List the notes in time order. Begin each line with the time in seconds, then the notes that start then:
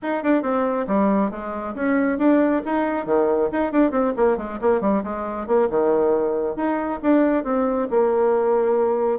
0.02 D#4
0.23 D4
0.42 C4
0.87 G3
1.30 G#3
1.74 C#4
2.18 D4
2.65 D#4
3.05 D#3
3.52 D#4
3.72 D4
3.91 C4
4.16 A#3
4.37 G#3
4.61 A#3
4.81 G3
5.03 G#3
5.47 A#3
5.70 D#3
6.56 D#4
7.02 D4
7.44 C4
7.90 A#3